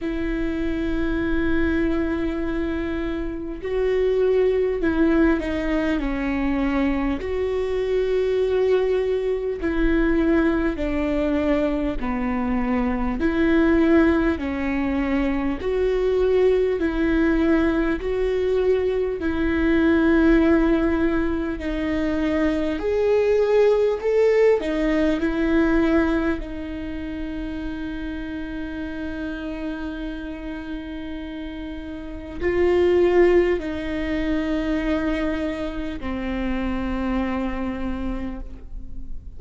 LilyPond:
\new Staff \with { instrumentName = "viola" } { \time 4/4 \tempo 4 = 50 e'2. fis'4 | e'8 dis'8 cis'4 fis'2 | e'4 d'4 b4 e'4 | cis'4 fis'4 e'4 fis'4 |
e'2 dis'4 gis'4 | a'8 dis'8 e'4 dis'2~ | dis'2. f'4 | dis'2 c'2 | }